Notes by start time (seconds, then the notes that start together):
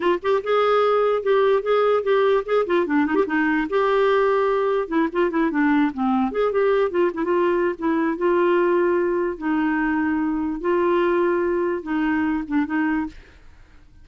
0.00 F4
0.22 G4
0.43 G#4
1.22 G4
1.62 G#4
2.03 G4
2.45 G#4
2.66 F4
2.86 D4
3.06 D#4
3.15 G4
3.26 D#4
3.69 G4
4.88 E4
5.12 F4
5.30 E4
5.50 D4
5.93 C4
6.31 G#4
6.52 G4
6.90 F4
7.14 E4
7.24 F4
7.78 E4
8.17 F4
9.38 D#4
10.60 F4
11.82 D#4
12.47 D4
12.65 D#4